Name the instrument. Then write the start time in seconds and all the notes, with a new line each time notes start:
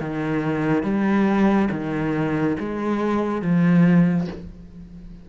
cello
0.00 D#3
0.83 G3
1.71 D#3
2.59 G#3
3.42 F3